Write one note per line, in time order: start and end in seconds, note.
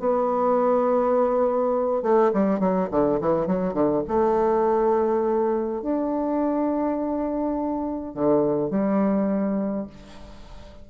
0.00 2.03 B3
2.03 2.32 A3
2.33 2.60 G3
2.60 2.89 F#3
2.91 3.20 D3
3.21 3.47 E3
3.47 3.74 F#3
3.74 4.03 D3
4.08 5.82 A3
5.82 8.14 D4
8.14 8.71 D3
8.71 9.87 G3